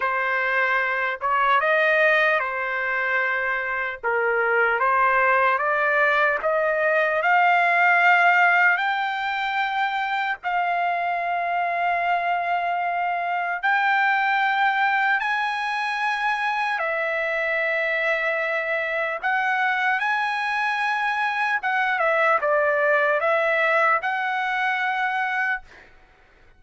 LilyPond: \new Staff \with { instrumentName = "trumpet" } { \time 4/4 \tempo 4 = 75 c''4. cis''8 dis''4 c''4~ | c''4 ais'4 c''4 d''4 | dis''4 f''2 g''4~ | g''4 f''2.~ |
f''4 g''2 gis''4~ | gis''4 e''2. | fis''4 gis''2 fis''8 e''8 | d''4 e''4 fis''2 | }